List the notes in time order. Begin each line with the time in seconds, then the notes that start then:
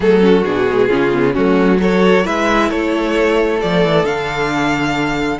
0.00 F#3 A3 G#4 A4
0.20 C#4 F#4
0.44 B2 D4 G#4
0.67 G#3
0.88 C#3 C#4 F4
1.12 B3
1.33 F#3 A3 C#4 F#4
1.78 F#4 A4 C#5
2.23 G#3 E4 B4 E5
2.69 A3 A4 C#5
3.61 F3 A3 D5
3.85 E3
4.03 D3 D4 F5